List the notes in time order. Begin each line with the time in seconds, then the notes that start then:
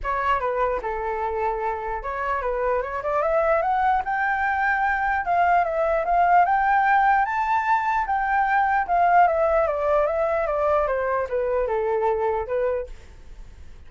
0.03 C#5
0.40 B4
0.82 A4
2.02 C#5
2.41 B4
2.82 C#5
3.03 D5
3.21 E5
3.61 F#5
4.05 G5
5.25 F5
5.64 E5
6.05 F5
6.45 G5
7.25 A5
8.06 G5
8.87 F5
9.27 E5
9.67 D5
10.06 E5
10.47 D5
10.87 C5
11.29 B4
11.67 A4
12.46 B4